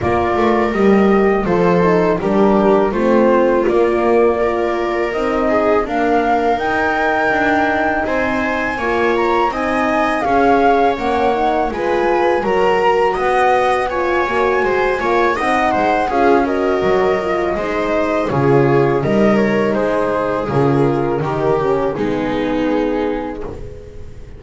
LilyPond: <<
  \new Staff \with { instrumentName = "flute" } { \time 4/4 \tempo 4 = 82 d''4 dis''4 c''4 ais'4 | c''4 d''2 dis''4 | f''4 g''2 gis''4~ | gis''8 ais''8 gis''4 f''4 fis''4 |
gis''4 ais''4 fis''4 gis''4~ | gis''4 fis''4 f''8 dis''4.~ | dis''4 cis''4 dis''8 cis''8 c''4 | ais'2 gis'2 | }
  \new Staff \with { instrumentName = "viola" } { \time 4/4 ais'2 a'4 g'4 | f'2 ais'4. gis'8 | ais'2. c''4 | cis''4 dis''4 cis''2 |
b'4 ais'4 dis''4 cis''4 | c''8 cis''8 dis''8 c''8 gis'8 ais'4. | c''4 gis'4 ais'4 gis'4~ | gis'4 g'4 dis'2 | }
  \new Staff \with { instrumentName = "horn" } { \time 4/4 f'4 g'4 f'8 dis'8 d'4 | c'4 ais4 f'4 dis'4 | ais4 dis'2. | f'4 dis'4 gis'4 cis'8 dis'8 |
f'4 fis'2 f'8 fis'8~ | fis'8 f'8 dis'4 f'8 fis'4 f'8 | dis'4 f'4 dis'2 | f'4 dis'8 cis'8 b2 | }
  \new Staff \with { instrumentName = "double bass" } { \time 4/4 ais8 a8 g4 f4 g4 | a4 ais2 c'4 | d'4 dis'4 d'4 c'4 | ais4 c'4 cis'4 ais4 |
gis4 fis4 b4. ais8 | gis8 ais8 c'8 gis8 cis'4 fis4 | gis4 cis4 g4 gis4 | cis4 dis4 gis2 | }
>>